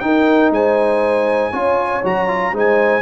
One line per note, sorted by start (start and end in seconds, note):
0.00 1.52 D#4
0.00 0.51 D#4
0.00 0.53 A#4
0.00 0.50 G5
0.51 1.52 G#3
0.51 1.52 C5
0.51 2.05 G#5
1.52 2.03 C#4
1.52 2.03 F4
1.52 2.53 C#5
2.04 2.53 F#3
2.04 2.28 F#4
2.04 2.56 A#5
2.28 2.53 F4
2.53 3.02 G#3
2.53 3.02 D#4
2.53 3.02 C5
2.53 3.02 G#5